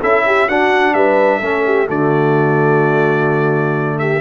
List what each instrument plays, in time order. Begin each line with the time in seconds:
0.00 tuba C#4, trombone E4, horn A4, trumpet E5
0.26 horn G4
0.48 tuba D4, trombone D4, horn F#4, trumpet F#5
0.94 tuba G3, horn B4, trumpet E5
1.39 tuba A3, trombone C#4, horn A4
1.66 horn G4
1.87 tuba D3, trombone A3, horn F#4, trumpet D5
3.99 horn G4, trumpet E5